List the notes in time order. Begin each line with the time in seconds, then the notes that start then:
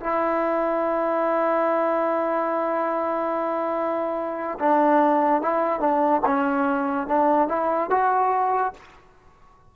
0.00 E4
4.59 D4
5.42 E4
5.80 D4
6.26 C#4
7.07 D4
7.48 E4
7.90 F#4